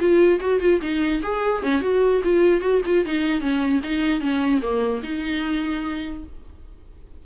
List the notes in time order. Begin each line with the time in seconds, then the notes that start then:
0.00 F4
0.40 F#4
0.61 F4
0.82 D#4
1.23 G#4
1.63 C#4
1.82 F#4
2.24 F4
2.61 F#4
2.86 F4
3.06 D#4
3.41 C#4
3.84 D#4
4.21 C#4
4.62 A#3
5.04 D#4